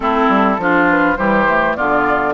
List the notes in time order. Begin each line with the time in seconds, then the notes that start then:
0.00 A3 C4 E4 A4
0.28 G3
0.58 F3 D4 F4
0.89 B4
1.16 E3 G3 G4 C5
1.47 A3
1.75 D3 B3 F4 D5